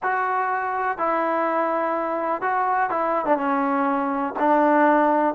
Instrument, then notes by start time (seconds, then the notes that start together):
trombone
0.02 F#4
0.98 E4
2.41 F#4
2.89 E4
3.25 D4
3.37 C#4
4.39 D4